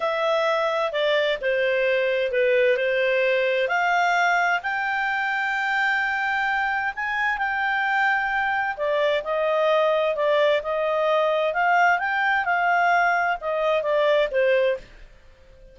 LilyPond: \new Staff \with { instrumentName = "clarinet" } { \time 4/4 \tempo 4 = 130 e''2 d''4 c''4~ | c''4 b'4 c''2 | f''2 g''2~ | g''2. gis''4 |
g''2. d''4 | dis''2 d''4 dis''4~ | dis''4 f''4 g''4 f''4~ | f''4 dis''4 d''4 c''4 | }